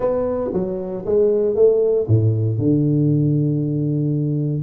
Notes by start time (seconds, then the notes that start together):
0.00 B3
0.53 F#3
1.05 G#3
1.55 A3
2.07 A2
2.58 D3